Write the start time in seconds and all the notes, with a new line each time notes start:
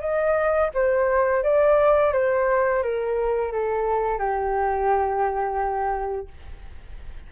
0.00 D#5
0.74 C5
1.43 D5
2.13 C5
2.83 A#4
3.52 A4
4.18 G4